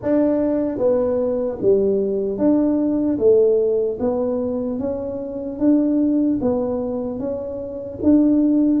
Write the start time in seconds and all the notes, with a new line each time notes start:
0.02 D4
0.77 B3
1.61 G3
2.37 D4
3.18 A3
3.99 B3
4.79 C#4
5.59 D4
6.41 B3
7.19 C#4
8.03 D4